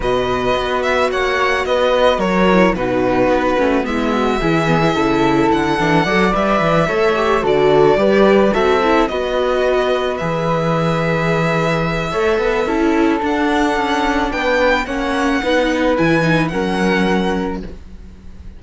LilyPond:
<<
  \new Staff \with { instrumentName = "violin" } { \time 4/4 \tempo 4 = 109 dis''4. e''8 fis''4 dis''4 | cis''4 b'2 e''4~ | e''2 fis''4. e''8~ | e''4. d''2 e''8~ |
e''8 dis''2 e''4.~ | e''1 | fis''2 g''4 fis''4~ | fis''4 gis''4 fis''2 | }
  \new Staff \with { instrumentName = "flute" } { \time 4/4 b'2 cis''4 b'4 | ais'4 fis'2 e'8 fis'8 | gis'4 a'2 d''4~ | d''8 cis''4 a'4 b'4 a'8~ |
a'8 b'2.~ b'8~ | b'2 cis''8 b'8 a'4~ | a'2 b'4 cis''4 | b'2 ais'2 | }
  \new Staff \with { instrumentName = "viola" } { \time 4/4 fis'1~ | fis'8 e'8 dis'4. cis'8 b4 | e'8 b16 e'4.~ e'16 d'8 a'8 b'8~ | b'8 a'8 g'8 fis'4 g'4 fis'8 |
e'8 fis'2 gis'4.~ | gis'2 a'4 e'4 | d'2. cis'4 | dis'4 e'8 dis'8 cis'2 | }
  \new Staff \with { instrumentName = "cello" } { \time 4/4 b,4 b4 ais4 b4 | fis4 b,4 b8 a8 gis4 | e4 cis4 d8 e8 fis8 g8 | e8 a4 d4 g4 c'8~ |
c'8 b2 e4.~ | e2 a8 b8 cis'4 | d'4 cis'4 b4 ais4 | b4 e4 fis2 | }
>>